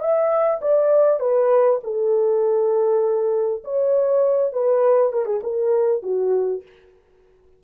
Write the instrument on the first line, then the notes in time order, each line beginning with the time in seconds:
horn
0.00 E5
0.61 D5
1.19 B4
1.83 A4
3.64 C#5
4.52 B4
5.12 A#4
5.25 G#4
5.43 A#4
6.02 F#4